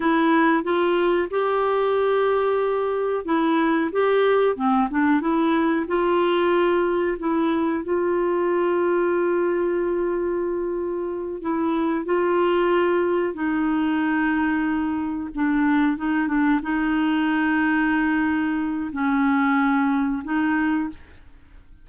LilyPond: \new Staff \with { instrumentName = "clarinet" } { \time 4/4 \tempo 4 = 92 e'4 f'4 g'2~ | g'4 e'4 g'4 c'8 d'8 | e'4 f'2 e'4 | f'1~ |
f'4. e'4 f'4.~ | f'8 dis'2. d'8~ | d'8 dis'8 d'8 dis'2~ dis'8~ | dis'4 cis'2 dis'4 | }